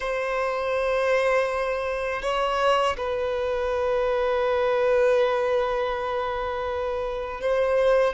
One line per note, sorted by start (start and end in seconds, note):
0.00 2.22 C5
2.22 2.96 C#5
2.97 7.40 B4
7.40 8.13 C5